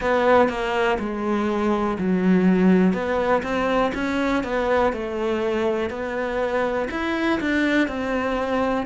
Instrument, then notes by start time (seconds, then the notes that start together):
cello
0.00 B3
0.49 A#3
0.99 G#3
1.98 F#3
2.93 B3
3.42 C4
3.94 C#4
4.43 B3
4.92 A3
5.90 B3
6.90 E4
7.40 D4
7.87 C4